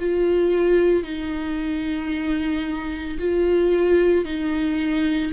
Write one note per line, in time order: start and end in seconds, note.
0.00 1.04 F4
1.04 3.18 D#4
3.19 4.25 F4
4.25 5.32 D#4